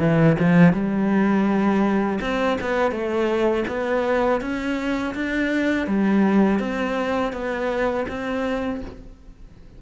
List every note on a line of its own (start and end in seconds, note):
0.00 0.37 E3
0.40 0.74 F3
0.74 2.20 G3
2.22 2.58 C4
2.61 2.92 B3
2.92 3.65 A3
3.69 4.42 B3
4.42 5.15 C#4
5.15 5.87 D4
5.87 6.60 G3
6.60 7.33 C4
7.33 8.07 B3
8.09 8.82 C4